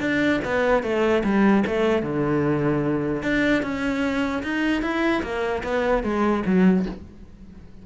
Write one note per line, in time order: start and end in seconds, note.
0.00 0.40 D4
0.45 0.83 B3
0.83 1.23 A3
1.24 1.64 G3
1.66 2.03 A3
2.03 3.22 D3
3.22 3.62 D4
3.62 4.42 C#4
4.43 4.82 D#4
4.82 5.22 E4
5.23 5.63 A#3
5.63 6.03 B3
6.03 6.43 G#3
6.46 6.86 F#3